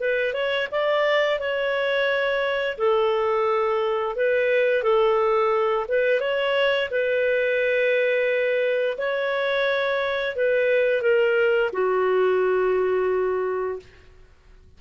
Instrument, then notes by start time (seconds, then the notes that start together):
clarinet
0.00 B4
0.33 C#5
0.71 D5
1.39 C#5
2.77 A4
4.15 B4
4.82 A4
5.88 B4
6.20 C#5
6.90 B4
8.97 C#5
10.35 B4
11.01 A#4
11.72 F#4